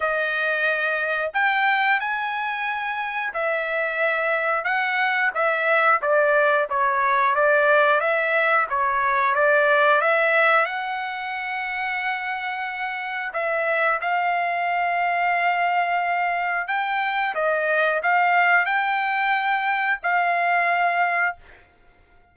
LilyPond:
\new Staff \with { instrumentName = "trumpet" } { \time 4/4 \tempo 4 = 90 dis''2 g''4 gis''4~ | gis''4 e''2 fis''4 | e''4 d''4 cis''4 d''4 | e''4 cis''4 d''4 e''4 |
fis''1 | e''4 f''2.~ | f''4 g''4 dis''4 f''4 | g''2 f''2 | }